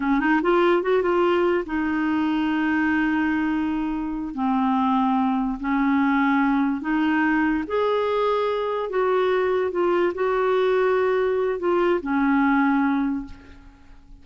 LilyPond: \new Staff \with { instrumentName = "clarinet" } { \time 4/4 \tempo 4 = 145 cis'8 dis'8 f'4 fis'8 f'4. | dis'1~ | dis'2~ dis'8 c'4.~ | c'4. cis'2~ cis'8~ |
cis'8 dis'2 gis'4.~ | gis'4. fis'2 f'8~ | f'8 fis'2.~ fis'8 | f'4 cis'2. | }